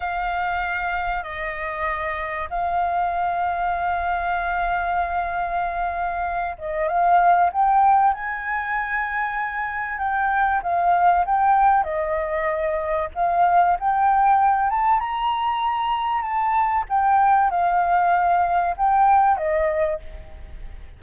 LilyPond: \new Staff \with { instrumentName = "flute" } { \time 4/4 \tempo 4 = 96 f''2 dis''2 | f''1~ | f''2~ f''8 dis''8 f''4 | g''4 gis''2. |
g''4 f''4 g''4 dis''4~ | dis''4 f''4 g''4. a''8 | ais''2 a''4 g''4 | f''2 g''4 dis''4 | }